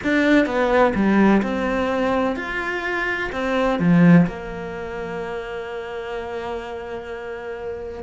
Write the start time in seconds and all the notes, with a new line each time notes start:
0.03 D4
0.46 B3
0.94 G3
1.42 C4
2.36 F4
3.32 C4
3.79 F3
4.26 A#3